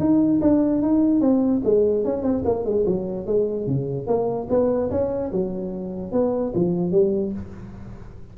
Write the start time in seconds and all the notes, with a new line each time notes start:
0.00 D#4
0.42 D4
0.83 D#4
1.21 C4
1.65 G#3
2.05 C#4
2.23 C4
2.45 A#3
2.65 G#3
2.86 F#3
3.27 G#3
3.67 C#3
4.07 A#3
4.50 B3
4.91 C#4
5.32 F#3
6.13 B3
6.55 F3
6.92 G3